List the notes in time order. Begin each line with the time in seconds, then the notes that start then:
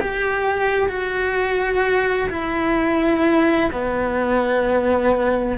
0.00 G4
0.88 F#4
2.30 E4
3.72 B3